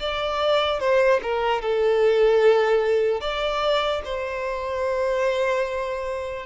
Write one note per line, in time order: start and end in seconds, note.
0.00 0.80 D5
0.80 1.20 C5
1.23 1.62 A#4
1.62 3.21 A4
3.21 4.02 D5
4.05 6.46 C5